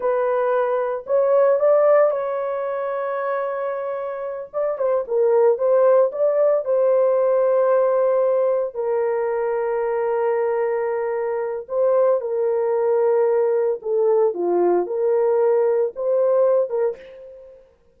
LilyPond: \new Staff \with { instrumentName = "horn" } { \time 4/4 \tempo 4 = 113 b'2 cis''4 d''4 | cis''1~ | cis''8 d''8 c''8 ais'4 c''4 d''8~ | d''8 c''2.~ c''8~ |
c''8 ais'2.~ ais'8~ | ais'2 c''4 ais'4~ | ais'2 a'4 f'4 | ais'2 c''4. ais'8 | }